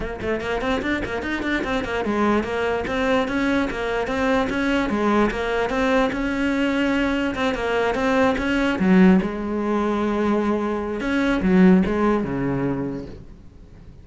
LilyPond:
\new Staff \with { instrumentName = "cello" } { \time 4/4 \tempo 4 = 147 ais8 a8 ais8 c'8 d'8 ais8 dis'8 d'8 | c'8 ais8 gis4 ais4 c'4 | cis'4 ais4 c'4 cis'4 | gis4 ais4 c'4 cis'4~ |
cis'2 c'8 ais4 c'8~ | c'8 cis'4 fis4 gis4.~ | gis2. cis'4 | fis4 gis4 cis2 | }